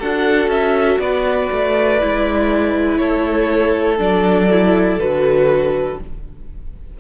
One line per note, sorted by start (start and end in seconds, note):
0.00 0.48 D4
0.00 2.00 F#4
0.00 1.00 A4
0.00 0.50 F#5
0.48 0.98 C#4
0.48 1.00 E5
0.99 1.49 B3
0.99 3.00 B4
0.99 2.98 D5
1.52 2.02 A3
2.00 3.00 G#3
2.00 3.98 E4
2.98 3.99 A3
2.98 6.00 A4
2.98 3.98 C#5
3.98 4.99 F#3
3.98 4.48 D4
3.98 5.00 D5
4.51 4.99 E4
4.99 5.99 D3
4.99 5.99 F#4
4.99 6.00 B4